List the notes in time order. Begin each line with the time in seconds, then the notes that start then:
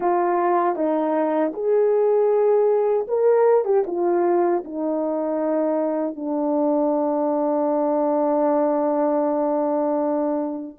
0.00 F4
0.75 D#4
1.53 G#4
3.07 A#4
3.64 G4
3.86 F4
4.64 D#4
6.15 D4